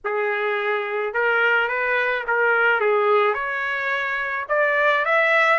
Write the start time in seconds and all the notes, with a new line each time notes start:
0.04 G#4
1.13 A#4
1.68 B4
2.27 A#4
2.80 G#4
3.33 C#5
4.49 D5
5.05 E5